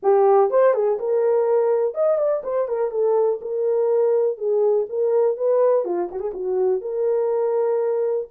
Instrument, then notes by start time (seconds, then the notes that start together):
horn
0.02 G4
0.50 C5
0.74 G#4
0.99 A#4
1.94 D#5
2.18 D5
2.43 C5
2.68 A#4
2.90 A4
3.41 A#4
4.37 G#4
4.89 A#4
5.37 B4
5.84 F4
6.11 F#4
6.19 G#4
6.33 F#4
6.81 A#4